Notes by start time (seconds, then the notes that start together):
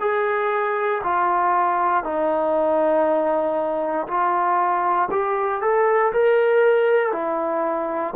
0.00 G#4
1.03 F4
2.03 D#4
4.07 F4
5.11 G4
5.61 A4
6.12 A#4
7.12 E4